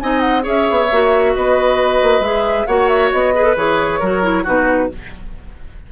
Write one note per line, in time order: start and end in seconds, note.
0.00 0.47 C4
0.00 0.42 D#4
0.00 0.43 D#5
0.00 0.20 G#5
0.20 0.42 F#5
0.42 0.69 C#4
0.42 0.87 G#4
0.42 1.32 C#5
0.42 1.36 E5
0.70 0.92 B3
0.92 1.36 A#3
0.92 2.23 F#4
1.36 2.02 B3
1.36 2.67 B4
1.36 2.22 D#5
2.02 2.20 A#3
2.20 2.65 G#3
2.20 2.67 G#4
2.20 2.67 E5
2.67 3.12 A#3
2.67 3.35 F#4
2.67 3.34 C#5
2.67 2.88 F#5
2.88 3.11 E5
3.12 3.56 B3
3.12 3.56 D#5
3.35 3.44 G#4
3.35 4.00 B4
3.44 3.55 A4
3.56 4.01 E3
3.56 4.01 G#4
3.56 4.46 C#5
4.00 4.46 F#3
4.00 4.23 F#4
4.00 4.43 A#4
4.23 4.45 E4
4.43 4.91 B2
4.43 4.90 D#4
4.43 4.88 F#4
4.43 4.92 B4